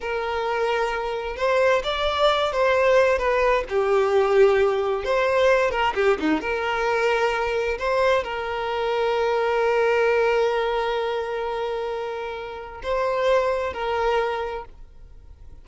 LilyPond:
\new Staff \with { instrumentName = "violin" } { \time 4/4 \tempo 4 = 131 ais'2. c''4 | d''4. c''4. b'4 | g'2. c''4~ | c''8 ais'8 g'8 dis'8 ais'2~ |
ais'4 c''4 ais'2~ | ais'1~ | ais'1 | c''2 ais'2 | }